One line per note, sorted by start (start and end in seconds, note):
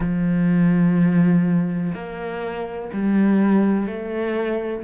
0.00 1.93 F3
1.94 2.90 A#3
2.93 3.86 G3
3.86 4.83 A3